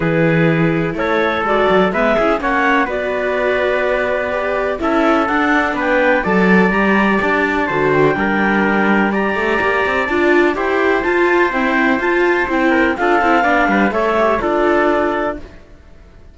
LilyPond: <<
  \new Staff \with { instrumentName = "clarinet" } { \time 4/4 \tempo 4 = 125 b'2 cis''4 d''4 | e''4 fis''4 d''2~ | d''2 e''4 fis''4 | g''4 a''4 ais''4 a''4~ |
a''8 g''2~ g''8 ais''4~ | ais''4 a''4 g''4 a''4 | g''4 a''4 g''4 f''4~ | f''4 e''4 d''2 | }
  \new Staff \with { instrumentName = "trumpet" } { \time 4/4 gis'2 a'2 | b'8 gis'8 cis''4 b'2~ | b'2 a'2 | b'4 d''2. |
c''4 ais'2 d''4~ | d''2 c''2~ | c''2~ c''8 ais'8 a'4 | d''8 b'8 cis''4 a'2 | }
  \new Staff \with { instrumentName = "viola" } { \time 4/4 e'2. fis'4 | b8 e'8 cis'4 fis'2~ | fis'4 g'4 e'4 d'4~ | d'4 a'4 g'2 |
fis'4 d'2 g'4~ | g'4 f'4 g'4 f'4 | c'4 f'4 e'4 f'8 e'8 | d'4 a'8 g'8 f'2 | }
  \new Staff \with { instrumentName = "cello" } { \time 4/4 e2 a4 gis8 fis8 | gis8 cis'8 ais4 b2~ | b2 cis'4 d'4 | b4 fis4 g4 d'4 |
d4 g2~ g8 a8 | ais8 c'8 d'4 e'4 f'4 | e'4 f'4 c'4 d'8 c'8 | b8 g8 a4 d'2 | }
>>